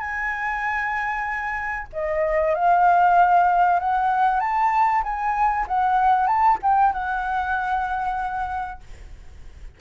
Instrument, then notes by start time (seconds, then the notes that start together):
flute
0.00 G#5
1.93 D#5
2.55 F5
3.80 F#5
4.40 A5
5.04 G#5
5.68 F#5
6.27 A5
6.62 G5
6.93 F#5